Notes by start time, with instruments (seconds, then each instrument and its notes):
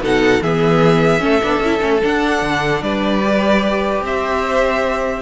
0.00 cello B2, viola D#4, violin A4 F#5
0.42 cello E3, viola B3, violin G#4 E5
1.19 cello A3, viola C#4, violin A4
1.43 cello B3, viola D4
1.59 cello C#4, viola E4
1.80 cello A3, viola C#4
2.03 viola D4, cello D4, violin F#5
2.42 cello D3
2.82 cello G3, violin B4 D5
3.23 viola G4
4.01 cello C4, violin C5 E5